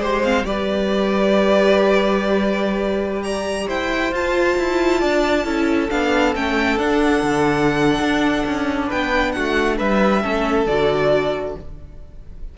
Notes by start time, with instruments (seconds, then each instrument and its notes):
0.00 cello G#3, viola G4, violin C5
0.24 viola C4, violin F5
0.46 cello G3, viola G4, violin B4 D5
3.23 violin D5 A#5
3.68 cello E4, violin C5 G5
4.12 viola F4, cello F4, violin A5
4.58 cello E4
5.00 cello D4, violin D5
5.45 cello C#4, viola E4, violin A4
5.90 cello B3, viola D4, violin F5
6.35 cello A3, viola C#4, violin G5
6.78 cello D4, viola D4, violin F#5
7.23 cello D3
8.01 cello D4
8.47 cello C#4
8.87 cello B3, violin B4 G5
9.32 cello A3, violin F#4 F#5
9.78 cello G3, violin B4 E5
10.22 cello A3, viola C#4, violin A4
10.67 cello D3, viola F#4, violin D5